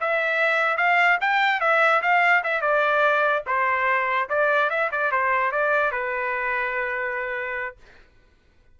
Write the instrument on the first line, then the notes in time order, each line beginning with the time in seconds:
trumpet
0.00 E5
0.77 F5
1.20 G5
1.60 E5
2.02 F5
2.43 E5
2.61 D5
3.46 C5
4.29 D5
4.69 E5
4.91 D5
5.11 C5
5.51 D5
5.91 B4